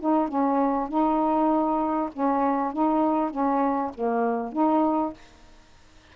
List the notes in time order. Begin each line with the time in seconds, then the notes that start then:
0.00 D#4
0.28 C#4
0.88 D#4
2.12 C#4
2.72 D#4
3.30 C#4
3.94 A#3
4.52 D#4